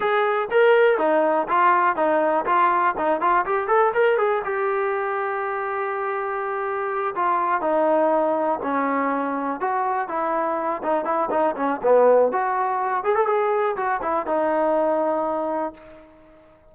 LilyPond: \new Staff \with { instrumentName = "trombone" } { \time 4/4 \tempo 4 = 122 gis'4 ais'4 dis'4 f'4 | dis'4 f'4 dis'8 f'8 g'8 a'8 | ais'8 gis'8 g'2.~ | g'2~ g'8 f'4 dis'8~ |
dis'4. cis'2 fis'8~ | fis'8 e'4. dis'8 e'8 dis'8 cis'8 | b4 fis'4. gis'16 a'16 gis'4 | fis'8 e'8 dis'2. | }